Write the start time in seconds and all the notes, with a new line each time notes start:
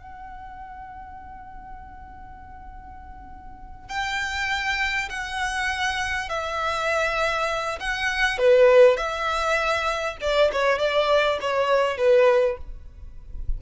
0.00 F#5
3.89 G5
5.09 F#5
6.29 E5
7.80 F#5
8.38 B4
8.97 E5
10.21 D5
10.52 C#5
10.78 D5
11.41 C#5
11.97 B4